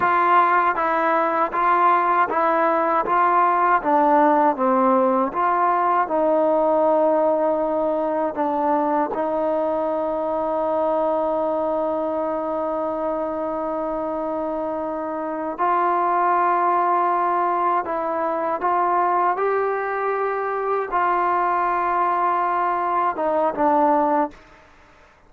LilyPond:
\new Staff \with { instrumentName = "trombone" } { \time 4/4 \tempo 4 = 79 f'4 e'4 f'4 e'4 | f'4 d'4 c'4 f'4 | dis'2. d'4 | dis'1~ |
dis'1~ | dis'8 f'2. e'8~ | e'8 f'4 g'2 f'8~ | f'2~ f'8 dis'8 d'4 | }